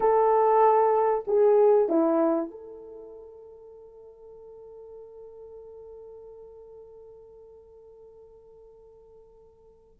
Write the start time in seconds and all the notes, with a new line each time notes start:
0.00 A4
1.27 G#4
1.89 E4
2.51 A4